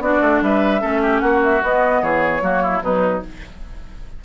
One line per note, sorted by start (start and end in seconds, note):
0.00 0.20 B3
0.00 0.80 D4
0.00 0.43 F#4
0.00 0.41 D5
0.21 0.41 A3
0.42 0.82 G3
0.42 0.81 B4
0.42 1.19 E5
0.80 1.21 A3
0.80 1.60 C#4
0.80 1.01 A4
1.02 1.21 G4
1.19 1.61 A#3
1.19 2.01 F#4
1.19 1.39 F#5
1.44 1.64 E5
1.62 2.02 B3
1.62 2.41 B3
1.62 2.03 D#5
2.02 2.41 E3
2.02 2.42 G#4
2.02 2.83 C#5
2.41 2.81 F#3
2.41 2.81 A#3
2.41 2.62 F#4
2.62 2.82 E4
2.82 3.22 B2
2.82 3.24 F#3
2.82 3.24 D#4
2.82 3.23 B4